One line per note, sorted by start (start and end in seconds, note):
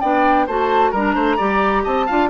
0.00 0.47 B3
0.00 0.48 D4
0.00 0.46 D5
0.00 0.46 G5
0.46 0.92 A3
0.46 0.94 F#4
0.46 0.91 C5
0.46 0.91 A5
0.91 1.15 G3
0.91 1.38 D4
0.91 1.14 A#4
0.91 1.83 A#5
1.14 1.38 A3
1.14 1.36 C5
1.36 1.85 G3
1.36 2.06 G4
1.36 1.82 D5
1.83 2.08 C4
1.83 2.06 D#5
1.83 2.29 A5
2.06 2.30 D4
2.06 2.30 F4
2.06 2.29 F5